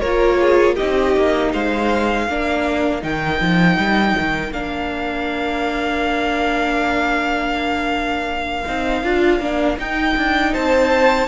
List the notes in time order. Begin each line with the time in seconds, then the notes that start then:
0.00 A#3 F4 A#4 C#5
0.40 G#4
0.77 C4 D#4 G4 D#5
1.17 A#3
1.53 G#3 C5 F5
2.27 A#3 D4 A#4
3.01 D#3 D#4 G5
3.41 F3
3.78 G3
4.19 D#3
4.52 A#3 D4 F5
8.67 C4 D#4
9.03 D4 F4
9.40 A#3 D4
9.78 D#4 G5
10.17 D4
10.53 C4 C5 A5